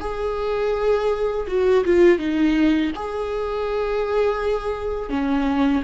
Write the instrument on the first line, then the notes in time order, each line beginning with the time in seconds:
viola
0.00 G#4
1.47 F#4
1.85 F4
2.18 D#4
2.95 G#4
5.10 C#4